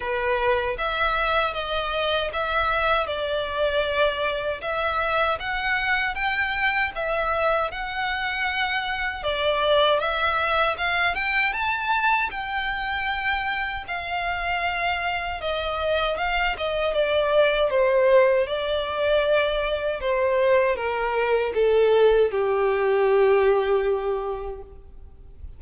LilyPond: \new Staff \with { instrumentName = "violin" } { \time 4/4 \tempo 4 = 78 b'4 e''4 dis''4 e''4 | d''2 e''4 fis''4 | g''4 e''4 fis''2 | d''4 e''4 f''8 g''8 a''4 |
g''2 f''2 | dis''4 f''8 dis''8 d''4 c''4 | d''2 c''4 ais'4 | a'4 g'2. | }